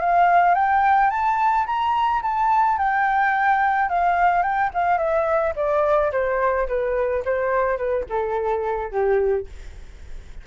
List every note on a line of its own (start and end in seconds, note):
0.00 0.55 F5
0.55 1.10 G5
1.10 1.66 A5
1.66 2.22 A#5
2.22 2.78 A5
2.78 3.89 G5
3.89 4.42 F5
4.42 4.70 G5
4.74 4.98 F5
4.98 5.53 E5
5.56 6.11 D5
6.12 6.67 C5
6.68 7.23 B4
7.25 7.77 C5
7.77 8.05 B4
8.09 8.91 A4
8.91 9.47 G4